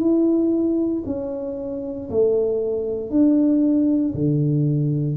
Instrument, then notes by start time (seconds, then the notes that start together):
tuba
0.00 E4
1.06 C#4
2.10 A3
3.10 D4
4.14 D3